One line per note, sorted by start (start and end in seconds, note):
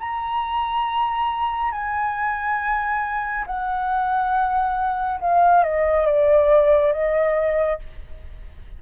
0.00 1.72 A#5
1.72 3.46 G#5
3.47 5.21 F#5
5.21 5.64 F5
5.64 6.07 D#5
6.07 6.92 D5
6.92 7.79 D#5